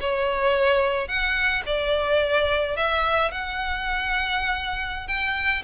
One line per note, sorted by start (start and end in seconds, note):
0.00 1.08 C#5
1.08 1.63 F#5
1.66 2.76 D5
2.76 3.31 E5
3.31 5.07 F#5
5.07 5.62 G5